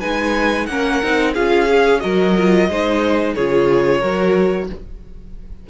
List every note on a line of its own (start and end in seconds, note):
0.00 0.68 G#3
0.00 0.68 D#4
0.00 0.67 B4
0.00 0.66 G#5
0.66 1.01 A#3
0.66 1.03 C#4
0.66 1.33 A#4
0.66 1.33 F#5
1.03 1.37 C4
1.03 1.35 D#4
1.33 2.04 C#4
1.33 1.68 F4
1.33 2.00 G#4
1.33 2.00 F5
1.69 2.01 G#4
2.00 2.69 F#3
2.00 2.34 F#4
2.00 2.69 A#4
2.00 3.33 D#5
2.37 2.70 F4
2.69 3.35 G#3
2.69 3.37 D#4
2.69 3.35 C5
3.35 4.03 C#3
3.35 4.02 F4
3.35 4.00 G#4
3.35 4.68 C#5
4.00 4.69 F#3
4.00 4.68 F#4
4.00 4.67 A#4